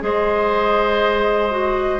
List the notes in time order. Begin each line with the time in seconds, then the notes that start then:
0.00 G#3 G#4 C5 D#5
1.50 F#4